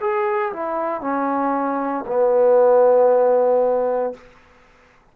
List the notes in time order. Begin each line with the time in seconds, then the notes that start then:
0.00 G#4
0.53 E4
1.01 C#4
2.06 B3